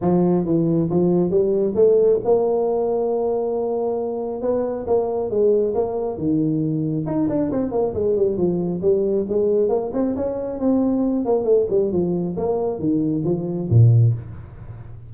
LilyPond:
\new Staff \with { instrumentName = "tuba" } { \time 4/4 \tempo 4 = 136 f4 e4 f4 g4 | a4 ais2.~ | ais2 b4 ais4 | gis4 ais4 dis2 |
dis'8 d'8 c'8 ais8 gis8 g8 f4 | g4 gis4 ais8 c'8 cis'4 | c'4. ais8 a8 g8 f4 | ais4 dis4 f4 ais,4 | }